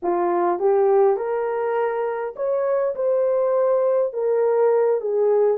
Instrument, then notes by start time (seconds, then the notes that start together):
horn
0.02 F4
0.59 G4
1.16 A#4
2.36 C#5
2.95 C5
4.13 A#4
5.00 G#4